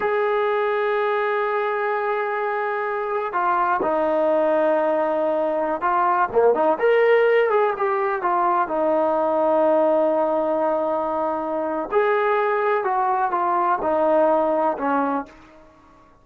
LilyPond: \new Staff \with { instrumentName = "trombone" } { \time 4/4 \tempo 4 = 126 gis'1~ | gis'2. f'4 | dis'1~ | dis'16 f'4 ais8 dis'8 ais'4. gis'16~ |
gis'16 g'4 f'4 dis'4.~ dis'16~ | dis'1~ | dis'4 gis'2 fis'4 | f'4 dis'2 cis'4 | }